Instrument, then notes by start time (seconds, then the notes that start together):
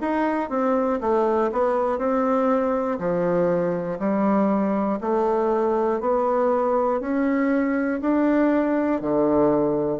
bassoon
0.00 D#4
0.49 C4
1.00 A3
1.51 B3
1.98 C4
2.99 F3
3.99 G3
5.00 A3
6.00 B3
7.00 C#4
8.00 D4
9.01 D3